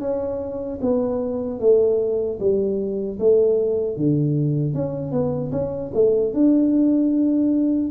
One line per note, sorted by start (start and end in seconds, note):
0.00 0.79 C#4
0.81 1.60 B3
1.60 2.39 A3
2.40 3.19 G3
3.19 3.96 A3
3.96 4.74 D3
4.74 5.11 C#4
5.11 5.51 B3
5.52 5.91 C#4
5.94 6.33 A3
6.33 7.91 D4